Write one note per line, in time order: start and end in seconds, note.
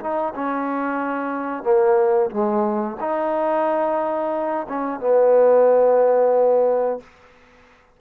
0.00 0.33 D#4
0.35 1.63 C#4
1.63 2.30 A#3
2.30 2.97 G#3
3.00 4.67 D#4
4.68 5.00 C#4
5.00 7.00 B3